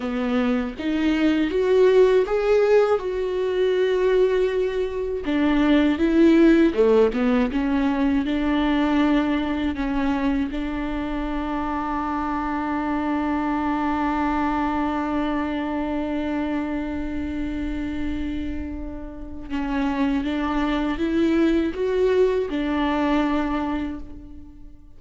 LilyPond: \new Staff \with { instrumentName = "viola" } { \time 4/4 \tempo 4 = 80 b4 dis'4 fis'4 gis'4 | fis'2. d'4 | e'4 a8 b8 cis'4 d'4~ | d'4 cis'4 d'2~ |
d'1~ | d'1~ | d'2 cis'4 d'4 | e'4 fis'4 d'2 | }